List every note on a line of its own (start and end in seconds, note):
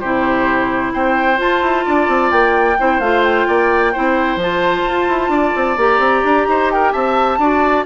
0.00 0.93 C3
0.00 1.37 E4
0.00 0.93 G4
0.00 0.92 C5
0.93 1.39 C4
0.93 1.85 C5
0.93 1.39 G5
1.37 2.75 F4
1.37 1.62 F4
1.37 2.31 A5
1.62 1.85 E4
1.85 2.08 D4
1.85 2.78 D5
2.08 2.31 C4
2.31 2.78 A#3
2.31 3.00 G5
2.79 3.00 C4
2.79 3.02 E4
2.79 3.47 C5
3.00 3.46 A3
3.00 3.93 F4
3.00 3.23 F5
3.24 4.39 G5
3.47 3.95 A#3
3.47 3.93 D5
3.93 4.36 C4
3.93 4.40 E4
3.93 5.31 C5
4.36 4.82 F3
4.36 5.78 F4
4.36 5.80 A5
4.86 5.08 F4
5.08 5.29 E4
5.29 5.52 D4
5.29 6.48 D5
5.56 5.77 C4
5.77 5.99 A#3
5.77 7.39 G4
5.77 6.72 A#5
5.99 6.22 C4
6.24 6.47 D4
6.47 6.93 D#4
6.47 6.72 C5
6.72 6.92 A#4
6.72 6.92 G5
6.92 7.38 C4
6.92 7.38 E5
6.92 7.84 A5
7.38 7.84 D4
7.38 7.86 F#4
7.38 7.86 D5